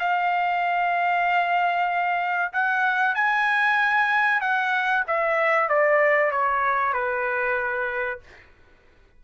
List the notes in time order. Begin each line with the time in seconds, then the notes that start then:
0.00 F5
2.53 F#5
3.15 G#5
4.41 F#5
5.08 E5
5.69 D5
6.32 C#5
6.94 B4